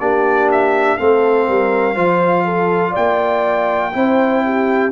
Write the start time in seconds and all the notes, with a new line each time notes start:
0.00 A#3 D4 G4 D5
0.52 E5
0.97 A3 C4 A4 F5
1.47 G3 A#4
1.95 F3 F4 C5
2.45 A4
2.91 D5 G5
2.97 A#3
3.93 C4 E4 C5
4.45 G4